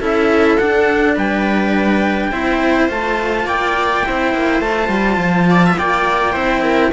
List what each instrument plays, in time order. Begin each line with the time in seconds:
0.00 cello C#4 E4, viola A4, trumpet E5
0.57 cello D4, trumpet F#5
1.15 cello G3, viola B4, trumpet G5
2.31 cello C4 E4, viola C5
2.88 cello A3 F4, trumpet A5
3.44 cello A#3, viola D5, trumpet G5
4.04 cello C4 E4, viola C5
4.34 cello A#3
4.60 cello A3 F4, trumpet A5
4.88 cello G3
5.17 cello F3
5.50 viola D5
5.65 viola E5
5.78 cello A#3, viola D5, trumpet G5
6.32 cello C4 E4, viola C5
6.63 viola A#4